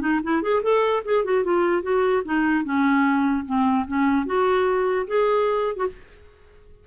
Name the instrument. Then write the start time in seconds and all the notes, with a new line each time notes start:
clarinet
0.00 D#4
0.23 E4
0.42 G#4
0.62 A4
1.04 G#4
1.24 F#4
1.44 F4
1.82 F#4
2.24 D#4
2.64 C#4
3.45 C4
3.87 C#4
4.26 F#4
5.07 G#4
5.76 F#4